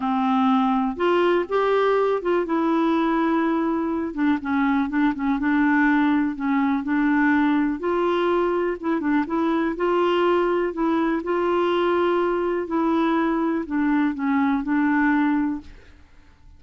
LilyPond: \new Staff \with { instrumentName = "clarinet" } { \time 4/4 \tempo 4 = 123 c'2 f'4 g'4~ | g'8 f'8 e'2.~ | e'8 d'8 cis'4 d'8 cis'8 d'4~ | d'4 cis'4 d'2 |
f'2 e'8 d'8 e'4 | f'2 e'4 f'4~ | f'2 e'2 | d'4 cis'4 d'2 | }